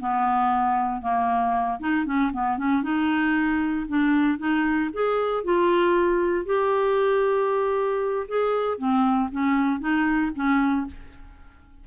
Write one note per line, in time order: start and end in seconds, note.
0.00 1.02 B3
1.02 1.80 A#3
1.80 2.06 D#4
2.06 2.32 C#4
2.33 2.58 B3
2.58 2.83 C#4
2.83 3.87 D#4
3.89 4.39 D4
4.39 4.91 D#4
4.93 5.44 G#4
5.44 6.46 F4
6.46 8.27 G4
8.29 8.78 G#4
8.78 9.30 C4
9.32 9.80 C#4
9.80 10.32 D#4
10.35 10.87 C#4